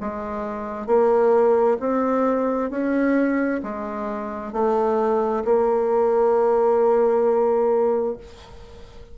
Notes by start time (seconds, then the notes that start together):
0.00 G#3
0.86 A#3
1.80 C4
2.70 C#4
3.63 G#3
4.52 A3
5.44 A#3